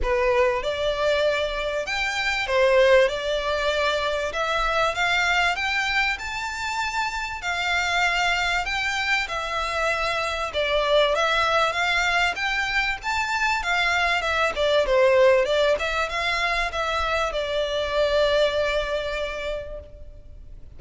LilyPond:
\new Staff \with { instrumentName = "violin" } { \time 4/4 \tempo 4 = 97 b'4 d''2 g''4 | c''4 d''2 e''4 | f''4 g''4 a''2 | f''2 g''4 e''4~ |
e''4 d''4 e''4 f''4 | g''4 a''4 f''4 e''8 d''8 | c''4 d''8 e''8 f''4 e''4 | d''1 | }